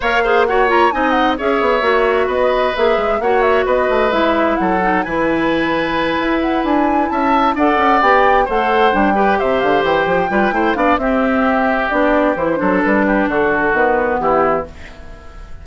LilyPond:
<<
  \new Staff \with { instrumentName = "flute" } { \time 4/4 \tempo 4 = 131 f''4 fis''8 ais''8 gis''8 fis''8 e''4~ | e''4 dis''4 e''4 fis''8 e''8 | dis''4 e''4 fis''4 gis''4~ | gis''2 fis''8 gis''4 a''8~ |
a''8 fis''4 g''4 fis''4 g''8~ | g''8 e''8 f''8 g''2 f''8 | e''2 d''4 c''4 | b'4 a'4 b'4 g'4 | }
  \new Staff \with { instrumentName = "oboe" } { \time 4/4 cis''8 c''8 cis''4 dis''4 cis''4~ | cis''4 b'2 cis''4 | b'2 a'4 b'4~ | b'2.~ b'8 e''8~ |
e''8 d''2 c''4. | b'8 c''2 b'8 c''8 d''8 | g'2.~ g'8 a'8~ | a'8 g'8 fis'2 e'4 | }
  \new Staff \with { instrumentName = "clarinet" } { \time 4/4 ais'8 gis'8 fis'8 f'8 dis'4 gis'4 | fis'2 gis'4 fis'4~ | fis'4 e'4. dis'8 e'4~ | e'1~ |
e'8 a'4 g'4 a'4 d'8 | g'2~ g'8 f'8 e'8 d'8 | c'2 d'4 e'8 d'8~ | d'2 b2 | }
  \new Staff \with { instrumentName = "bassoon" } { \time 4/4 ais2 c'4 cis'8 b8 | ais4 b4 ais8 gis8 ais4 | b8 a8 gis4 fis4 e4~ | e4. e'4 d'4 cis'8~ |
cis'8 d'8 cis'8 b4 a4 g8~ | g8 c8 d8 e8 f8 g8 a8 b8 | c'2 b4 e8 fis8 | g4 d4 dis4 e4 | }
>>